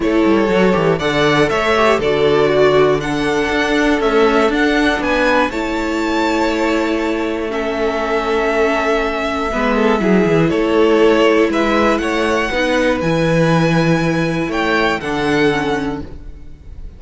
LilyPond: <<
  \new Staff \with { instrumentName = "violin" } { \time 4/4 \tempo 4 = 120 cis''2 fis''4 e''4 | d''2 fis''2 | e''4 fis''4 gis''4 a''4~ | a''2. e''4~ |
e''1~ | e''4 cis''2 e''4 | fis''2 gis''2~ | gis''4 g''4 fis''2 | }
  \new Staff \with { instrumentName = "violin" } { \time 4/4 a'2 d''4 cis''4 | a'4 fis'4 a'2~ | a'2 b'4 cis''4~ | cis''2. a'4~ |
a'2. b'8 a'8 | gis'4 a'2 b'4 | cis''4 b'2.~ | b'4 cis''4 a'2 | }
  \new Staff \with { instrumentName = "viola" } { \time 4/4 e'4 fis'8 g'8 a'4. g'8 | fis'2 d'2 | a4 d'2 e'4~ | e'2. cis'4~ |
cis'2. b4 | e'1~ | e'4 dis'4 e'2~ | e'2 d'4 cis'4 | }
  \new Staff \with { instrumentName = "cello" } { \time 4/4 a8 g8 fis8 e8 d4 a4 | d2. d'4 | cis'4 d'4 b4 a4~ | a1~ |
a2. gis4 | fis8 e8 a2 gis4 | a4 b4 e2~ | e4 a4 d2 | }
>>